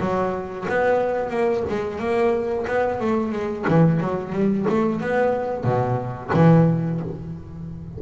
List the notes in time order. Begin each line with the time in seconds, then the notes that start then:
0.00 F#3
0.69 B3
1.30 A#3
1.69 G#3
1.99 A#3
2.67 B3
3.01 A3
3.32 G#3
3.68 E3
4.01 F#3
4.33 G3
4.69 A3
5.01 B3
5.64 B2
6.34 E3